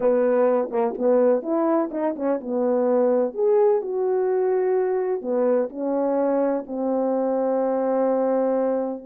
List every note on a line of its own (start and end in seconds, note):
0.00 0.69 B3
0.70 0.94 A#3
0.98 1.42 B3
1.42 1.90 E4
1.91 2.15 D#4
2.16 2.40 C#4
2.40 3.34 B3
3.34 3.81 G#4
3.81 5.21 F#4
5.21 5.69 B3
5.69 6.65 C#4
6.66 9.05 C4